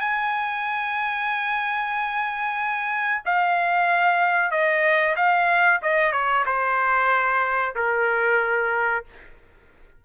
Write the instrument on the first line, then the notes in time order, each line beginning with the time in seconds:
trumpet
0.00 G#5
3.25 F5
4.51 D#5
5.16 F5
5.82 D#5
6.12 C#5
6.46 C5
7.75 A#4